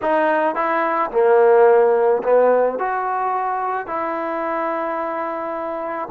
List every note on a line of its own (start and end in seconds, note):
0.02 0.55 D#4
0.55 1.10 E4
1.11 2.22 A#3
2.23 2.78 B3
2.79 3.86 F#4
3.86 6.08 E4